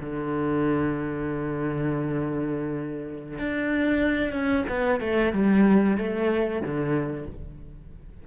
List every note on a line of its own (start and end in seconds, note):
0.00 3.39 D3
3.39 4.32 D4
4.32 4.65 C#4
4.69 5.00 B3
5.00 5.32 A3
5.33 5.97 G3
5.97 6.62 A3
6.62 7.26 D3